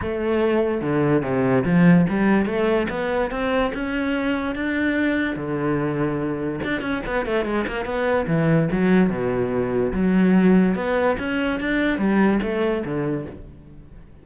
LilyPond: \new Staff \with { instrumentName = "cello" } { \time 4/4 \tempo 4 = 145 a2 d4 c4 | f4 g4 a4 b4 | c'4 cis'2 d'4~ | d'4 d2. |
d'8 cis'8 b8 a8 gis8 ais8 b4 | e4 fis4 b,2 | fis2 b4 cis'4 | d'4 g4 a4 d4 | }